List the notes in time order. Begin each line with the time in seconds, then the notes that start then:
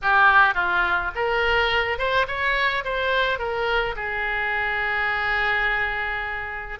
0.02 G4
0.54 F4
1.15 A#4
1.98 C5
2.27 C#5
2.84 C5
3.38 A#4
3.95 G#4